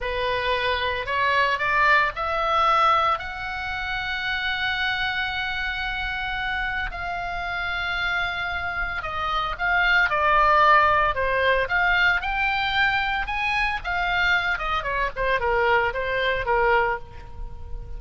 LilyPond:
\new Staff \with { instrumentName = "oboe" } { \time 4/4 \tempo 4 = 113 b'2 cis''4 d''4 | e''2 fis''2~ | fis''1~ | fis''4 f''2.~ |
f''4 dis''4 f''4 d''4~ | d''4 c''4 f''4 g''4~ | g''4 gis''4 f''4. dis''8 | cis''8 c''8 ais'4 c''4 ais'4 | }